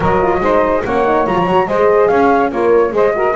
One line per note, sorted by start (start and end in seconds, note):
0.00 0.40 F#3
0.00 0.20 F#4
0.00 0.39 A#4
0.00 0.84 D#5
0.22 0.42 F4
0.40 0.82 G#3
0.40 0.84 D#4
0.40 0.84 C5
0.84 1.26 A#3
0.84 1.05 C#4
0.84 1.67 C#5
0.84 1.26 F#5
1.05 1.26 D#4
1.26 1.35 F#3
1.26 1.47 F4
1.26 1.67 A#5
1.35 1.46 F3
1.46 1.67 F#3
1.46 1.68 F#4
1.67 2.09 G#3
1.67 2.52 G#4
1.67 2.09 C5
1.67 2.08 D#5
2.08 2.51 C#4
2.08 2.49 C#5
2.08 2.50 F5
2.49 2.92 A#3
2.49 2.91 F4
2.49 2.91 A#4
2.49 2.94 C#5
2.91 3.34 G#3
2.91 3.12 G#4
2.91 3.15 C5
2.91 3.35 D#5
3.15 3.35 F#4
3.15 3.35 A#4